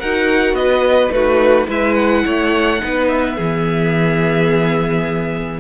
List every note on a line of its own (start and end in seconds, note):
0.00 0.53 D#4
0.00 1.11 F#4
0.00 0.56 A#4
0.00 0.55 F#5
0.53 1.09 B3
0.53 1.14 B4
0.53 1.11 D#5
1.11 1.67 A3
1.11 1.67 D#4
1.11 1.68 F#4
1.11 1.67 B4
1.68 2.25 G#3
1.68 2.80 E4
1.68 2.24 B4
1.68 1.94 E5
1.94 3.06 F#5
2.26 2.82 A3
2.26 2.82 C#5
2.80 3.39 B3
2.80 3.36 D#4
2.80 3.36 B4
3.08 5.60 E5
3.36 5.60 E3
3.36 5.60 B3
3.36 5.60 G#4